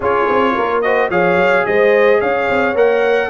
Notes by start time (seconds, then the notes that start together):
0.00 C#4 F4 G#4 C#5
0.28 C4
0.54 A#3 A#4
0.81 F#4 C5 D#5
1.09 F3 G#4 C#5 F5
1.35 F#3
1.66 G#3 C5 D#5
2.20 C#4 C#5 F5
2.49 C4
2.74 A#3 A#4 F#5